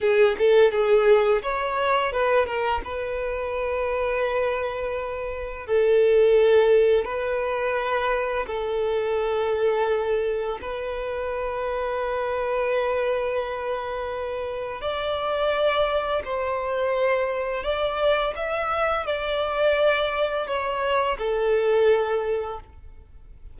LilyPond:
\new Staff \with { instrumentName = "violin" } { \time 4/4 \tempo 4 = 85 gis'8 a'8 gis'4 cis''4 b'8 ais'8 | b'1 | a'2 b'2 | a'2. b'4~ |
b'1~ | b'4 d''2 c''4~ | c''4 d''4 e''4 d''4~ | d''4 cis''4 a'2 | }